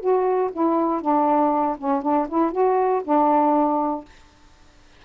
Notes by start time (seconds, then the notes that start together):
0.00 F#4
0.52 E4
1.01 D4
1.78 C#4
2.02 D4
2.28 E4
2.51 F#4
3.04 D4